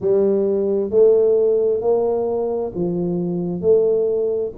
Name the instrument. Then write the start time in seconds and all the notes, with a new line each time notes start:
tuba
0.00 G3
0.90 A3
1.81 A#3
2.74 F3
3.61 A3